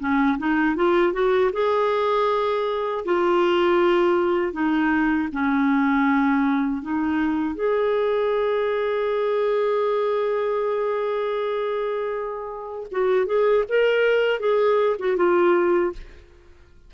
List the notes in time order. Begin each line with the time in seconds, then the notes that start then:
0.00 C#4
0.39 D#4
0.76 F4
1.14 F#4
1.53 G#4
3.05 F4
4.53 D#4
5.33 C#4
6.83 D#4
7.56 G#4
12.92 F#4
13.27 G#4
13.69 A#4
14.40 G#4
14.99 F#4
15.17 F4